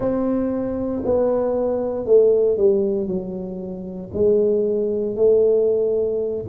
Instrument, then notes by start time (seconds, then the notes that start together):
tuba
0.00 C4
1.04 B3
2.05 A3
2.57 G3
3.07 F#3
4.13 G#3
5.15 A3